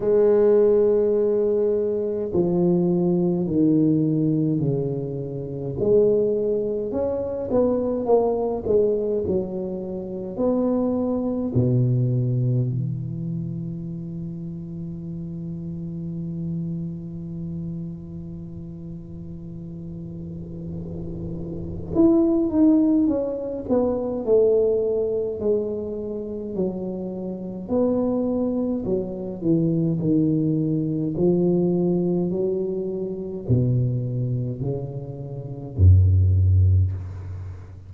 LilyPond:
\new Staff \with { instrumentName = "tuba" } { \time 4/4 \tempo 4 = 52 gis2 f4 dis4 | cis4 gis4 cis'8 b8 ais8 gis8 | fis4 b4 b,4 e4~ | e1~ |
e2. e'8 dis'8 | cis'8 b8 a4 gis4 fis4 | b4 fis8 e8 dis4 f4 | fis4 b,4 cis4 fis,4 | }